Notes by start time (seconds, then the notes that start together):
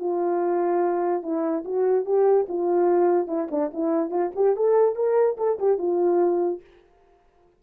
0.00 F4
1.23 E4
1.65 F#4
2.06 G4
2.49 F4
3.28 E4
3.51 D4
3.74 E4
4.11 F4
4.36 G4
4.57 A4
4.96 A#4
5.38 A4
5.60 G4
5.79 F4